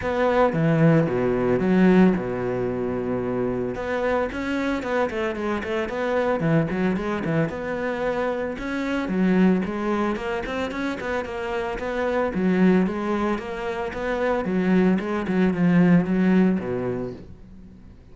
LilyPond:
\new Staff \with { instrumentName = "cello" } { \time 4/4 \tempo 4 = 112 b4 e4 b,4 fis4 | b,2. b4 | cis'4 b8 a8 gis8 a8 b4 | e8 fis8 gis8 e8 b2 |
cis'4 fis4 gis4 ais8 c'8 | cis'8 b8 ais4 b4 fis4 | gis4 ais4 b4 fis4 | gis8 fis8 f4 fis4 b,4 | }